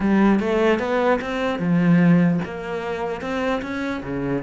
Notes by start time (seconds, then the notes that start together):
0.00 G3
0.39 A3
0.79 B3
1.21 C4
1.59 F3
2.44 A#3
3.21 C4
3.61 C#4
4.02 C#3